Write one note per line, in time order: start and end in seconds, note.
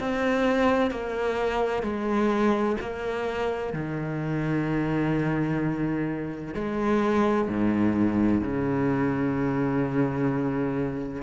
0.00 0.91 C4
0.91 1.83 A#3
1.83 2.77 G#3
2.81 3.74 A#3
3.74 6.55 D#3
6.55 7.48 G#3
7.48 8.42 G#2
8.42 11.23 C#3